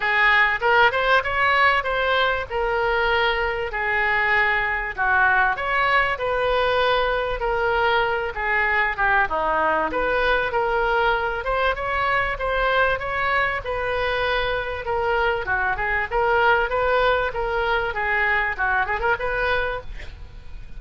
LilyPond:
\new Staff \with { instrumentName = "oboe" } { \time 4/4 \tempo 4 = 97 gis'4 ais'8 c''8 cis''4 c''4 | ais'2 gis'2 | fis'4 cis''4 b'2 | ais'4. gis'4 g'8 dis'4 |
b'4 ais'4. c''8 cis''4 | c''4 cis''4 b'2 | ais'4 fis'8 gis'8 ais'4 b'4 | ais'4 gis'4 fis'8 gis'16 ais'16 b'4 | }